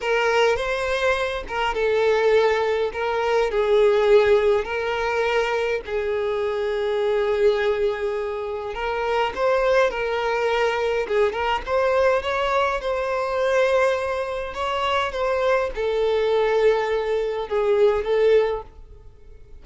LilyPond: \new Staff \with { instrumentName = "violin" } { \time 4/4 \tempo 4 = 103 ais'4 c''4. ais'8 a'4~ | a'4 ais'4 gis'2 | ais'2 gis'2~ | gis'2. ais'4 |
c''4 ais'2 gis'8 ais'8 | c''4 cis''4 c''2~ | c''4 cis''4 c''4 a'4~ | a'2 gis'4 a'4 | }